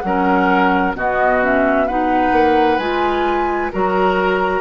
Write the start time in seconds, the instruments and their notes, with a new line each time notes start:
0.00 bassoon F#3, clarinet C#4, oboe A#4, flute F#5
0.94 bassoon B2, clarinet B3, oboe F#4, flute D#5
1.41 clarinet C#4, flute E5
1.87 clarinet D#4, oboe B4, flute F#5
2.32 bassoon A#3
2.78 bassoon G#3, clarinet F4, flute G#5
3.72 bassoon F#3, clarinet F#4, oboe A#4, flute A#5